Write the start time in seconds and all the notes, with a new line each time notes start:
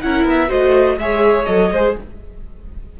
0.00 C#4 E4 A#4 F#5
0.24 B3 E5
0.48 A3 F#4 C5 D#5
0.97 G#3 G#4 C#5 E5
1.44 F#3 A4 D#5
1.71 G#3 G#4 C5